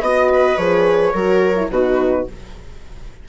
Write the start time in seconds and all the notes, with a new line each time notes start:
0.00 B3 F#4 D#5
0.29 B4
0.57 F3 G#4 C#5
1.13 F#3 F#4 A#4
1.56 E4
1.70 B2 D#4 F#4 B4